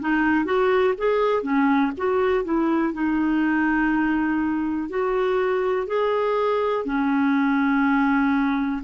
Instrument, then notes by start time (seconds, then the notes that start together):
clarinet
0.00 D#4
0.45 F#4
0.98 G#4
1.42 C#4
1.97 F#4
2.44 E4
2.93 D#4
4.90 F#4
5.87 G#4
6.85 C#4